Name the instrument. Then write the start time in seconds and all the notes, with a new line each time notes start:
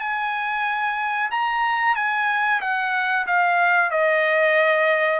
trumpet
0.00 G#5
1.31 A#5
1.96 G#5
2.61 F#5
3.27 F5
3.91 D#5